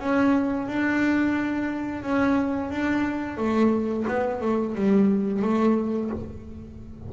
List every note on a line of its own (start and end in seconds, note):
0.00 0.68 C#4
0.68 2.03 D4
2.03 2.71 C#4
2.71 3.38 D4
3.38 4.06 A3
4.08 4.42 B3
4.42 4.76 A3
4.76 5.42 G3
5.42 6.11 A3